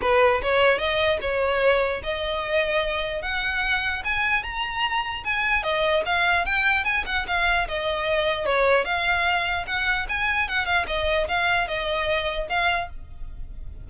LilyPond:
\new Staff \with { instrumentName = "violin" } { \time 4/4 \tempo 4 = 149 b'4 cis''4 dis''4 cis''4~ | cis''4 dis''2. | fis''2 gis''4 ais''4~ | ais''4 gis''4 dis''4 f''4 |
g''4 gis''8 fis''8 f''4 dis''4~ | dis''4 cis''4 f''2 | fis''4 gis''4 fis''8 f''8 dis''4 | f''4 dis''2 f''4 | }